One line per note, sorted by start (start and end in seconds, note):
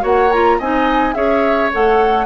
0.00 0.59 A#3
0.00 0.28 F#4
0.00 0.57 C#5
0.00 0.31 F#5
0.31 0.60 F4
0.31 0.59 A#5
0.58 1.15 C4
0.58 1.13 D#4
0.58 1.14 D#5
0.58 1.13 G#5
1.13 1.71 C#4
1.13 1.70 G#4
1.13 2.26 C#5
1.13 1.70 E5
1.73 2.26 A3
1.73 2.26 A4
1.73 2.26 F#5